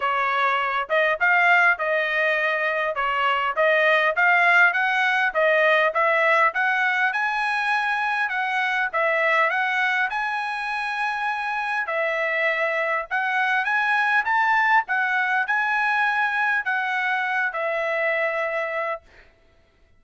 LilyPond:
\new Staff \with { instrumentName = "trumpet" } { \time 4/4 \tempo 4 = 101 cis''4. dis''8 f''4 dis''4~ | dis''4 cis''4 dis''4 f''4 | fis''4 dis''4 e''4 fis''4 | gis''2 fis''4 e''4 |
fis''4 gis''2. | e''2 fis''4 gis''4 | a''4 fis''4 gis''2 | fis''4. e''2~ e''8 | }